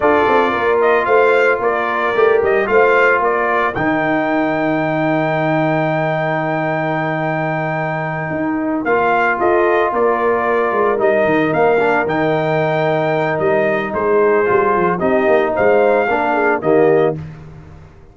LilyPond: <<
  \new Staff \with { instrumentName = "trumpet" } { \time 4/4 \tempo 4 = 112 d''4. dis''8 f''4 d''4~ | d''8 dis''8 f''4 d''4 g''4~ | g''1~ | g''1~ |
g''8 f''4 dis''4 d''4.~ | d''8 dis''4 f''4 g''4.~ | g''4 dis''4 c''2 | dis''4 f''2 dis''4 | }
  \new Staff \with { instrumentName = "horn" } { \time 4/4 a'4 ais'4 c''4 ais'4~ | ais'4 c''4 ais'2~ | ais'1~ | ais'1~ |
ais'4. a'4 ais'4.~ | ais'1~ | ais'2 gis'2 | g'4 c''4 ais'8 gis'8 g'4 | }
  \new Staff \with { instrumentName = "trombone" } { \time 4/4 f'1 | g'4 f'2 dis'4~ | dis'1~ | dis'1~ |
dis'8 f'2.~ f'8~ | f'8 dis'4. d'8 dis'4.~ | dis'2. f'4 | dis'2 d'4 ais4 | }
  \new Staff \with { instrumentName = "tuba" } { \time 4/4 d'8 c'8 ais4 a4 ais4 | a8 g8 a4 ais4 dis4~ | dis1~ | dis2.~ dis8 dis'8~ |
dis'8 ais4 f'4 ais4. | gis8 g8 dis8 ais4 dis4.~ | dis4 g4 gis4 g8 f8 | c'8 ais8 gis4 ais4 dis4 | }
>>